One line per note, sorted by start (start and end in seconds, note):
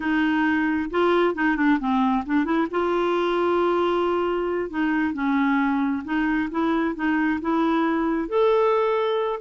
0.00 0.90 D#4
0.90 1.34 F4
1.34 1.56 D#4
1.56 1.78 D4
1.79 2.24 C4
2.26 2.44 D4
2.44 2.67 E4
2.70 4.69 F4
4.69 5.13 D#4
5.13 6.03 C#4
6.04 6.49 D#4
6.50 6.95 E4
6.95 7.39 D#4
7.41 8.28 E4
8.28 9.40 A4